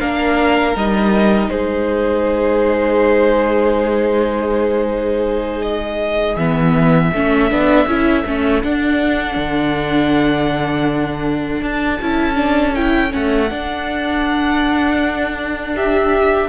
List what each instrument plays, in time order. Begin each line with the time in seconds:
0.00 cello A#3, viola D4, violin A#4 F5
0.75 cello G3, viola D#4, violin D#5
1.48 cello G#3, violin G#4 C5
5.62 violin D#5
6.36 cello E3, viola B3, violin E5
7.13 cello A3, viola C#4, violin A4
7.50 cello B3, viola D4
7.86 cello C#4, viola E4
8.26 cello A3, viola C#4
8.63 viola D4, cello D4, violin F#5
9.36 cello D3
11.62 cello D4, violin A5
12.01 cello C#4, viola E4
12.35 viola D4
12.75 viola E4, violin G5
13.10 cello A3, viola C#4, violin F#5
13.50 viola D4, cello D4
15.75 violin G4 E5